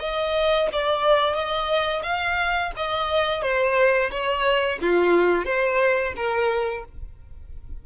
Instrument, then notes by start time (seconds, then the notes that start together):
violin
0.00 D#5
0.73 D5
1.35 D#5
2.04 F5
2.77 D#5
3.43 C5
4.11 C#5
4.82 F4
5.45 C5
6.16 A#4